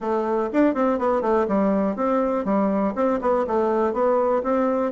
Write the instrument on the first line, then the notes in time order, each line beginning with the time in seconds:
bassoon
0.00 A3
0.53 D4
0.74 C4
0.99 B3
1.21 A3
1.48 G3
1.95 C4
2.45 G3
2.95 C4
3.21 B3
3.47 A3
3.93 B3
4.43 C4